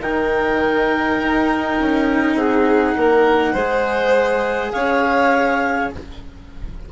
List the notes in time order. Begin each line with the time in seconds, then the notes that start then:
0.00 D#3 D#4 A#4 G5
1.19 D#4
1.80 C#4
2.35 C4 G#4 F#5
2.96 A#3 A#4
3.53 G#3 G#4 C5
4.72 C#4 C#5 F5